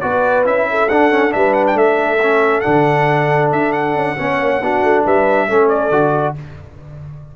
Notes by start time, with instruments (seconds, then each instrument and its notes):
0.00 tuba B3, trombone F#4, horn B4, trumpet D5
0.45 tuba C#4, trombone E4, trumpet E5
0.71 horn A4
0.88 trombone D4, tuba D4, trumpet F#5
1.11 trombone C#4
1.29 tuba G3, trombone D4, trumpet E5
1.36 horn B4
1.53 trumpet F#5
1.67 trumpet G5
1.74 tuba A3, horn A4, trumpet E5
2.22 trombone C#4
2.60 tuba D3, trombone D4, trumpet F#5
3.51 tuba D4, trumpet E5
3.72 trumpet F#5
3.95 tuba C#4
4.17 tuba B3, trombone C#4, horn C#5
4.40 tuba A#3
4.60 tuba B3, trombone D4, horn F#4
4.83 tuba A3
5.04 tuba G3, horn B4, trumpet E5
5.48 tuba A3, trombone C#4, horn A4
5.68 trumpet D5
5.90 tuba D3, trombone F#4